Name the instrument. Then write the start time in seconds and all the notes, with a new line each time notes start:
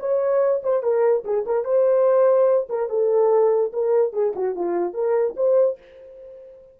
horn
0.00 C#5
0.63 C5
0.83 A#4
1.25 G#4
1.47 A#4
1.65 C5
2.70 A#4
2.90 A4
3.73 A#4
4.13 G#4
4.36 F#4
4.56 F4
4.94 A#4
5.37 C5